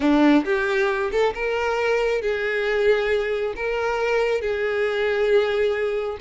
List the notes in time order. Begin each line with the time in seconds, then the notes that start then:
0.00 D4
0.44 G4
1.11 A4
1.34 A#4
2.21 G#4
3.55 A#4
4.41 G#4